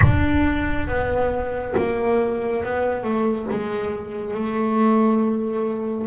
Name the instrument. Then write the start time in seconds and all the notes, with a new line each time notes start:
double bass
0.02 D4
0.87 B3
1.77 A#3
2.63 B3
3.03 A3
3.50 G#3
4.34 A3